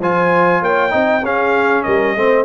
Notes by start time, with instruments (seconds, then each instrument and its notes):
0.00 tuba F3, trombone F4, horn C5, trumpet G#5
0.61 tuba A#3, horn C#5, trumpet G5
0.90 tuba C4, trombone D#4, horn D#5
1.23 tuba C#4, trombone C#4, horn G#4, trumpet F5
1.83 tuba G3, horn A#4, trumpet D#5
2.16 tuba A3, trombone C4, horn C5